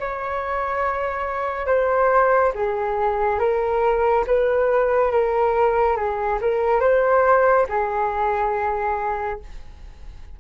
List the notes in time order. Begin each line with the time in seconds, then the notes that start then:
0.00 C#5
1.67 C5
2.55 G#4
3.39 A#4
4.27 B4
5.12 A#4
5.96 G#4
6.41 A#4
6.81 C5
7.69 G#4